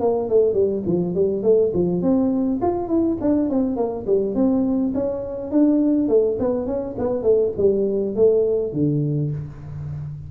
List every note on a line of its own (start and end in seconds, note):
0.00 0.29 A#3
0.29 0.54 A3
0.54 0.83 G3
0.86 1.15 F3
1.15 1.43 G3
1.43 1.72 A3
1.74 2.02 F3
2.02 2.60 C4
2.62 2.88 F4
2.88 3.17 E4
3.21 3.50 D4
3.50 3.77 C4
3.77 4.06 A#3
4.06 4.35 G3
4.35 4.93 C4
4.94 5.51 C#4
5.51 6.08 D4
6.08 6.38 A3
6.39 6.66 B3
6.66 6.96 C#4
6.98 7.23 B3
7.23 7.52 A3
7.57 8.16 G3
8.16 8.73 A3
8.73 9.31 D3